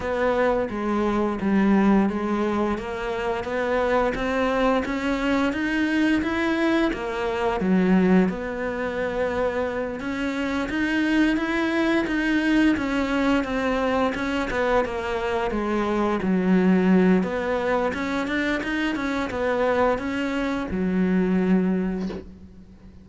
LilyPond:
\new Staff \with { instrumentName = "cello" } { \time 4/4 \tempo 4 = 87 b4 gis4 g4 gis4 | ais4 b4 c'4 cis'4 | dis'4 e'4 ais4 fis4 | b2~ b8 cis'4 dis'8~ |
dis'8 e'4 dis'4 cis'4 c'8~ | c'8 cis'8 b8 ais4 gis4 fis8~ | fis4 b4 cis'8 d'8 dis'8 cis'8 | b4 cis'4 fis2 | }